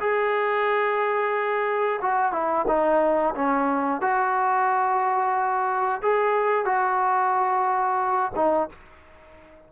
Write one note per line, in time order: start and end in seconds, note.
0.00 2.00 G#4
2.02 2.32 F#4
2.32 2.66 E4
2.68 3.35 D#4
3.35 4.01 C#4
4.01 6.01 F#4
6.02 6.65 G#4
6.65 8.32 F#4
8.36 8.69 D#4